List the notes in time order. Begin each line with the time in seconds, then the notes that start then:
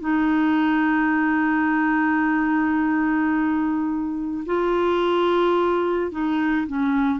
0.00 D#4
4.45 F4
6.11 D#4
6.67 C#4